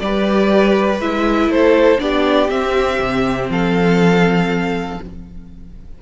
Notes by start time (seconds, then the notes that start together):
0.00 G3 G4 B4 D5
1.01 G#3 E4 E5
1.48 A3 A4 C5
1.99 B3 D4 G4 D5
2.50 C4 E5
3.00 C3
3.50 F3 A4 F5